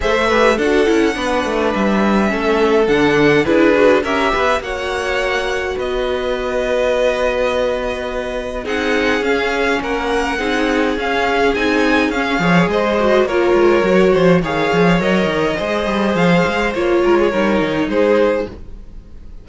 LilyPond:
<<
  \new Staff \with { instrumentName = "violin" } { \time 4/4 \tempo 4 = 104 e''4 fis''2 e''4~ | e''4 fis''4 b'4 e''4 | fis''2 dis''2~ | dis''2. fis''4 |
f''4 fis''2 f''4 | gis''4 f''4 dis''4 cis''4~ | cis''4 f''4 dis''2 | f''4 cis''2 c''4 | }
  \new Staff \with { instrumentName = "violin" } { \time 4/4 c''8 b'8 a'4 b'2 | a'2 gis'4 ais'8 b'8 | cis''2 b'2~ | b'2. gis'4~ |
gis'4 ais'4 gis'2~ | gis'4. cis''8 c''4 ais'4~ | ais'8 c''8 cis''2 c''4~ | c''4. ais'16 gis'16 ais'4 gis'4 | }
  \new Staff \with { instrumentName = "viola" } { \time 4/4 a'8 g'8 fis'8 e'8 d'2 | cis'4 d'4 e'8 fis'8 g'4 | fis'1~ | fis'2. dis'4 |
cis'2 dis'4 cis'4 | dis'4 cis'8 gis'4 fis'8 f'4 | fis'4 gis'4 ais'4 gis'4~ | gis'4 f'4 dis'2 | }
  \new Staff \with { instrumentName = "cello" } { \time 4/4 a4 d'8 cis'8 b8 a8 g4 | a4 d4 d'4 cis'8 b8 | ais2 b2~ | b2. c'4 |
cis'4 ais4 c'4 cis'4 | c'4 cis'8 f8 gis4 ais8 gis8 | fis8 f8 dis8 f8 fis8 dis8 gis8 g8 | f8 gis8 ais8 gis8 g8 dis8 gis4 | }
>>